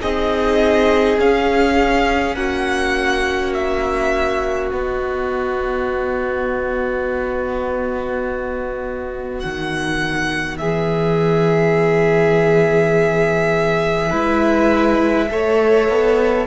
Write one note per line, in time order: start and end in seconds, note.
0.00 1.19 C4
0.00 1.18 D#4
0.00 2.36 G#4
0.00 1.19 D#5
1.19 2.36 C#4
1.19 4.70 C#4
1.19 2.35 F5
2.35 4.71 A#3
2.35 10.59 F#4
2.35 3.52 F#5
3.53 4.71 E5
4.70 14.11 B3
4.70 9.42 B3
4.70 9.39 D#5
9.39 10.62 D#3
9.39 10.57 F#5
10.58 14.12 E3
10.58 14.10 G#4
10.58 16.46 E5
14.10 15.30 G#3
14.10 15.29 E4
14.10 15.27 B4
15.30 15.88 A3
15.30 16.47 A4
15.30 16.47 C#5
15.88 16.47 B3